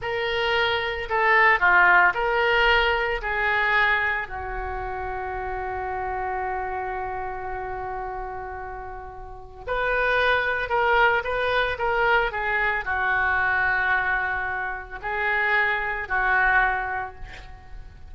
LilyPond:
\new Staff \with { instrumentName = "oboe" } { \time 4/4 \tempo 4 = 112 ais'2 a'4 f'4 | ais'2 gis'2 | fis'1~ | fis'1~ |
fis'2 b'2 | ais'4 b'4 ais'4 gis'4 | fis'1 | gis'2 fis'2 | }